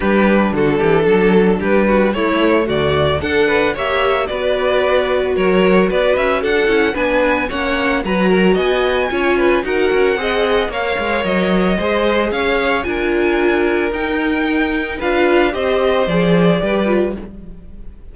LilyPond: <<
  \new Staff \with { instrumentName = "violin" } { \time 4/4 \tempo 4 = 112 b'4 a'2 b'4 | cis''4 d''4 fis''4 e''4 | d''2 cis''4 d''8 e''8 | fis''4 gis''4 fis''4 ais''4 |
gis''2 fis''2 | f''4 dis''2 f''4 | gis''2 g''2 | f''4 dis''4 d''2 | }
  \new Staff \with { instrumentName = "violin" } { \time 4/4 g'4 fis'8 g'8 a'4 g'8 fis'8 | e'4 fis'4 a'8 b'8 cis''4 | b'2 ais'4 b'4 | a'4 b'4 cis''4 b'8 ais'8 |
dis''4 cis''8 b'8 ais'4 dis''4 | cis''2 c''4 cis''4 | ais'1 | b'4 c''2 b'4 | }
  \new Staff \with { instrumentName = "viola" } { \time 4/4 d'1 | a2 a'4 g'4 | fis'1~ | fis'8 e'8 d'4 cis'4 fis'4~ |
fis'4 f'4 fis'4 gis'4 | ais'2 gis'2 | f'2 dis'2 | f'4 g'4 gis'4 g'8 f'8 | }
  \new Staff \with { instrumentName = "cello" } { \time 4/4 g4 d8 e8 fis4 g4 | a4 d,4 d'4 ais4 | b2 fis4 b8 cis'8 | d'8 cis'8 b4 ais4 fis4 |
b4 cis'4 dis'8 cis'8 c'4 | ais8 gis8 fis4 gis4 cis'4 | d'2 dis'2 | d'4 c'4 f4 g4 | }
>>